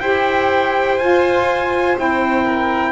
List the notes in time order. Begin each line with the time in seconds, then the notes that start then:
0.00 E4 G4 C5 G5
0.98 F4 G#5
1.96 C4 E4 G5
2.44 A#4